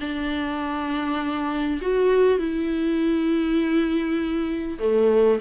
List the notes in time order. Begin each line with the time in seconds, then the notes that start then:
0.00 D4
1.81 F#4
2.38 E4
4.79 A3